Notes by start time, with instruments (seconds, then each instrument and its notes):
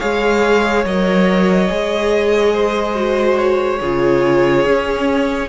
0.00 cello G#3, viola G#4, violin C#5 F5
0.85 cello F#3, viola A#4, violin D#5
1.69 cello G#3, viola G#4
2.53 violin C5
2.95 viola F#4
3.38 violin C#5
3.81 cello C#3, viola F4, violin G#4
4.65 cello C#4, viola C#4